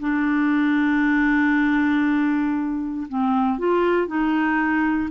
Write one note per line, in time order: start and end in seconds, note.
0.00 3.08 D4
3.09 3.59 C4
3.59 4.07 F4
4.07 5.10 D#4